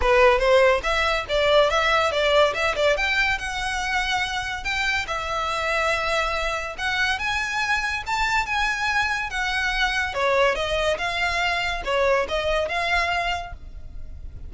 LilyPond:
\new Staff \with { instrumentName = "violin" } { \time 4/4 \tempo 4 = 142 b'4 c''4 e''4 d''4 | e''4 d''4 e''8 d''8 g''4 | fis''2. g''4 | e''1 |
fis''4 gis''2 a''4 | gis''2 fis''2 | cis''4 dis''4 f''2 | cis''4 dis''4 f''2 | }